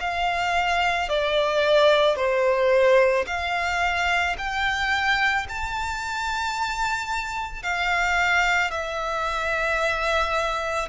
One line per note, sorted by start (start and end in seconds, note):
0.00 1.09 F5
1.09 2.16 D5
2.16 3.25 C5
3.27 4.36 F5
4.38 5.47 G5
5.49 7.63 A5
7.63 8.71 F5
8.71 10.89 E5